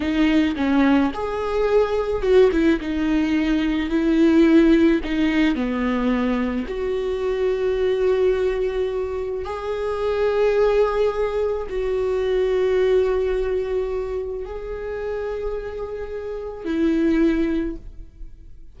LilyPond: \new Staff \with { instrumentName = "viola" } { \time 4/4 \tempo 4 = 108 dis'4 cis'4 gis'2 | fis'8 e'8 dis'2 e'4~ | e'4 dis'4 b2 | fis'1~ |
fis'4 gis'2.~ | gis'4 fis'2.~ | fis'2 gis'2~ | gis'2 e'2 | }